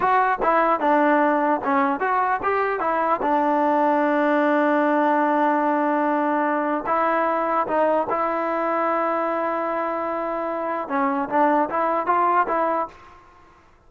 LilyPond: \new Staff \with { instrumentName = "trombone" } { \time 4/4 \tempo 4 = 149 fis'4 e'4 d'2 | cis'4 fis'4 g'4 e'4 | d'1~ | d'1~ |
d'4 e'2 dis'4 | e'1~ | e'2. cis'4 | d'4 e'4 f'4 e'4 | }